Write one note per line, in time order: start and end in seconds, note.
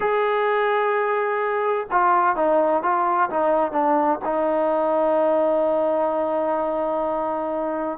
0.00 1.86 G#4
1.91 2.36 F4
2.36 2.82 D#4
2.82 3.29 F4
3.30 3.72 D#4
3.72 4.19 D4
4.24 7.98 D#4